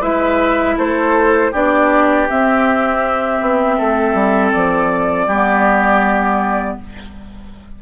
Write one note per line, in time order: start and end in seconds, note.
0.00 0.77 G#3
0.00 1.52 E4
0.00 0.75 B4
0.00 0.77 E5
0.78 1.53 A3
0.78 1.52 A4
0.78 1.54 C5
1.52 2.28 B3
1.52 2.28 D4
1.52 3.77 G4
1.52 2.29 D5
2.29 5.30 C4
2.29 3.41 C4
2.29 4.52 E5
3.41 3.78 B3
3.78 4.14 A3
3.78 5.27 A4
4.14 4.52 G3
4.52 5.27 F3
4.52 6.77 D5
5.27 6.77 G3
5.27 6.82 B3
5.27 6.77 G4